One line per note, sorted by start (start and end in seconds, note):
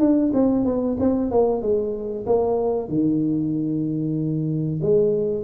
0.00 0.32 D4
0.34 0.66 C4
0.66 0.97 B3
1.00 1.31 C4
1.31 1.62 A#3
1.62 2.26 G#3
2.26 2.89 A#3
2.89 4.81 D#3
4.82 5.45 G#3